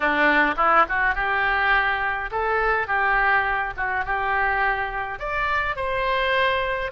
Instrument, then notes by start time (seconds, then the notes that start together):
oboe
0.00 D4
0.56 E4
0.88 F#4
1.14 G4
2.31 A4
2.87 G4
3.76 F#4
4.04 G4
5.19 D5
5.76 C5